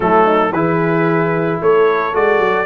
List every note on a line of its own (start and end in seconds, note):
0.00 0.52 F#3
0.00 0.52 A3
0.00 0.25 E4
0.00 0.52 A4
0.25 0.51 D#4
0.52 1.59 E3
0.52 2.12 E4
0.52 1.62 G#4
0.52 1.60 B4
1.61 2.14 A3
1.61 2.66 A4
1.61 2.15 C#5
2.12 2.39 G#3
2.12 2.66 F#4
2.12 2.66 D5
2.39 2.66 F#3